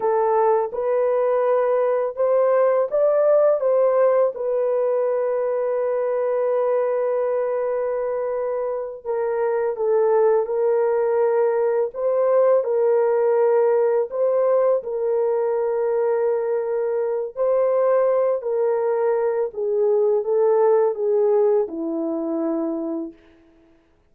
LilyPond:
\new Staff \with { instrumentName = "horn" } { \time 4/4 \tempo 4 = 83 a'4 b'2 c''4 | d''4 c''4 b'2~ | b'1~ | b'8 ais'4 a'4 ais'4.~ |
ais'8 c''4 ais'2 c''8~ | c''8 ais'2.~ ais'8 | c''4. ais'4. gis'4 | a'4 gis'4 e'2 | }